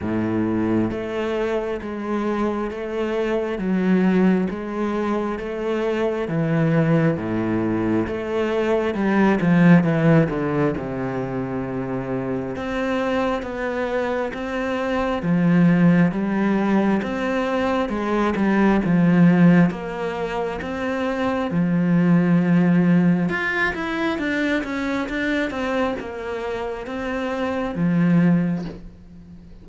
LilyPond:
\new Staff \with { instrumentName = "cello" } { \time 4/4 \tempo 4 = 67 a,4 a4 gis4 a4 | fis4 gis4 a4 e4 | a,4 a4 g8 f8 e8 d8 | c2 c'4 b4 |
c'4 f4 g4 c'4 | gis8 g8 f4 ais4 c'4 | f2 f'8 e'8 d'8 cis'8 | d'8 c'8 ais4 c'4 f4 | }